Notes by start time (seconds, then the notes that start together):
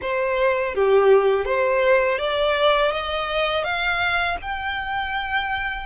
0.01 C5
0.75 G4
1.45 C5
2.18 D5
2.91 D#5
3.64 F5
4.41 G5